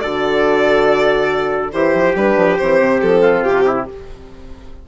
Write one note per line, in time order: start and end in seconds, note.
0.00 1.74 D3
0.00 1.73 F#4
0.00 1.73 A4
0.00 1.70 D5
1.73 1.95 E3
1.73 2.16 E4
1.73 3.22 G4
1.73 2.15 C5
1.95 2.16 F3
2.16 2.37 G3
2.16 2.59 D4
2.16 2.58 B4
2.37 2.58 F3
2.58 2.80 E3
2.58 3.87 C4
2.58 3.00 C5
2.80 3.01 C3
3.02 3.45 F3
3.02 3.44 A4
3.22 3.65 F4
3.44 3.88 C3
3.44 3.86 G4
3.67 3.88 E4